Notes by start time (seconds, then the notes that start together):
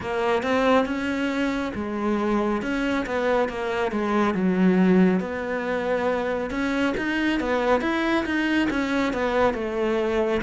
0.00 A#3
0.42 C4
0.85 C#4
1.74 G#3
2.62 C#4
3.06 B3
3.49 A#3
3.91 G#3
4.34 F#3
5.20 B3
6.50 C#4
6.97 D#4
7.40 B3
7.81 E4
8.25 D#4
8.70 C#4
9.13 B3
9.53 A3